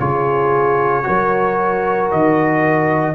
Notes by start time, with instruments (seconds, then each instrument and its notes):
0.00 tuba C#3, trombone F4, horn G#4, trumpet C#5
1.04 tuba F#3, trombone F#4, horn A#4
2.12 tuba D#3, trumpet D#5